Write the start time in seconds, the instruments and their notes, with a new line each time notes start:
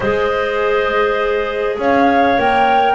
0.00 double bass G#3, clarinet G#4 C5, flute D#5
1.78 double bass C#4, clarinet C#5, flute F5
2.38 double bass A#3, clarinet A#4, flute G5